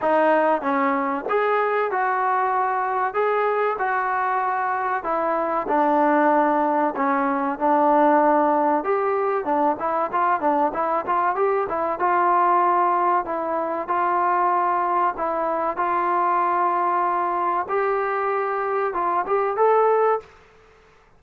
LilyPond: \new Staff \with { instrumentName = "trombone" } { \time 4/4 \tempo 4 = 95 dis'4 cis'4 gis'4 fis'4~ | fis'4 gis'4 fis'2 | e'4 d'2 cis'4 | d'2 g'4 d'8 e'8 |
f'8 d'8 e'8 f'8 g'8 e'8 f'4~ | f'4 e'4 f'2 | e'4 f'2. | g'2 f'8 g'8 a'4 | }